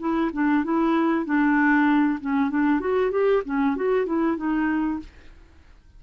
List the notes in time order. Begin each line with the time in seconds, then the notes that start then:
0.00 E4
0.33 D4
0.64 E4
1.26 D4
2.20 C#4
2.50 D4
2.80 F#4
3.11 G4
3.45 C#4
3.76 F#4
4.06 E4
4.37 D#4